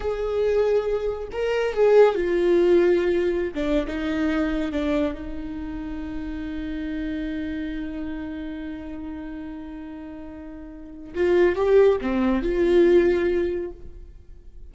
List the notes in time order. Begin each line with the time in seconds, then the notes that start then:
0.00 G#4
1.31 A#4
1.73 G#4
2.14 F4
3.54 D4
3.87 D#4
4.71 D4
5.14 D#4
11.14 F4
11.55 G4
12.01 C4
12.42 F4